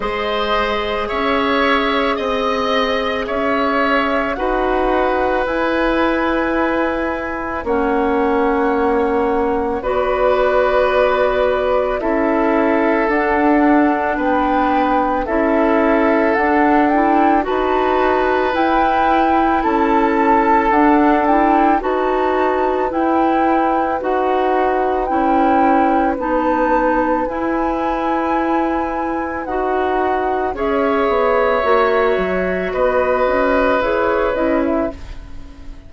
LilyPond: <<
  \new Staff \with { instrumentName = "flute" } { \time 4/4 \tempo 4 = 55 dis''4 e''4 dis''4 e''4 | fis''4 gis''2 fis''4~ | fis''4 d''2 e''4 | fis''4 g''4 e''4 fis''8 g''8 |
a''4 g''4 a''4 fis''8 g''8 | a''4 g''4 fis''4 g''4 | a''4 gis''2 fis''4 | e''2 dis''4 cis''8 dis''16 e''16 | }
  \new Staff \with { instrumentName = "oboe" } { \time 4/4 c''4 cis''4 dis''4 cis''4 | b'2. cis''4~ | cis''4 b'2 a'4~ | a'4 b'4 a'2 |
b'2 a'2 | b'1~ | b'1 | cis''2 b'2 | }
  \new Staff \with { instrumentName = "clarinet" } { \time 4/4 gis'1 | fis'4 e'2 cis'4~ | cis'4 fis'2 e'4 | d'2 e'4 d'8 e'8 |
fis'4 e'2 d'8 e'8 | fis'4 e'4 fis'4 e'4 | dis'4 e'2 fis'4 | gis'4 fis'2 gis'8 e'8 | }
  \new Staff \with { instrumentName = "bassoon" } { \time 4/4 gis4 cis'4 c'4 cis'4 | dis'4 e'2 ais4~ | ais4 b2 cis'4 | d'4 b4 cis'4 d'4 |
dis'4 e'4 cis'4 d'4 | dis'4 e'4 dis'4 cis'4 | b4 e'2 dis'4 | cis'8 b8 ais8 fis8 b8 cis'8 e'8 cis'8 | }
>>